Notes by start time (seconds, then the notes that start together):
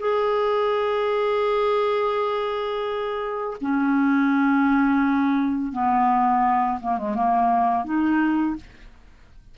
0.00 G#4
3.61 C#4
5.72 B3
6.80 A#3
6.98 G#3
7.15 A#3
7.84 D#4